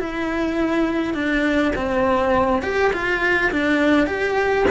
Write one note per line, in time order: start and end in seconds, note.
0.00 1.14 E4
1.14 1.72 D4
1.76 2.62 C4
2.62 2.92 G4
2.93 3.51 F4
3.51 4.07 D4
4.07 4.65 G4